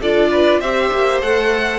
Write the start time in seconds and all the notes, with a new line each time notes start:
0.00 D4 F4 A4 D5
0.31 B4
0.59 C4 G4 C5 E5
0.93 A#3
1.21 A3 A4 F#5